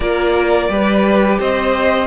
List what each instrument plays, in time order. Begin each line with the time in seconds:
0.00 cello A#3, viola F4, violin A#4 D5
0.69 cello G3, viola G4, violin B4
1.39 cello C4, violin C5 D#5